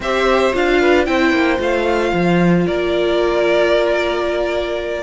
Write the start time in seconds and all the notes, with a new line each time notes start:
0.00 C4 G4 C5 E5
0.52 D4 F4 F5
0.81 B4
1.05 C4 E4 C5 G5
1.32 A#3
1.57 A3 F4 F5
2.13 F3
2.66 A#3 A#4 D5